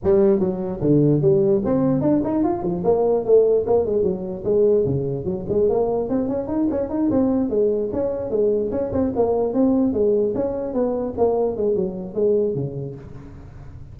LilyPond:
\new Staff \with { instrumentName = "tuba" } { \time 4/4 \tempo 4 = 148 g4 fis4 d4 g4 | c'4 d'8 dis'8 f'8 f8 ais4 | a4 ais8 gis8 fis4 gis4 | cis4 fis8 gis8 ais4 c'8 cis'8 |
dis'8 cis'8 dis'8 c'4 gis4 cis'8~ | cis'8 gis4 cis'8 c'8 ais4 c'8~ | c'8 gis4 cis'4 b4 ais8~ | ais8 gis8 fis4 gis4 cis4 | }